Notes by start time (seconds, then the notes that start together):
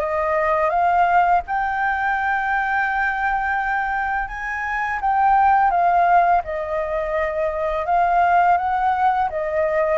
0.00 D#5
0.70 F5
1.47 G5
4.28 G#5
5.01 G5
5.70 F5
6.44 D#5
7.86 F5
8.57 F#5
9.30 D#5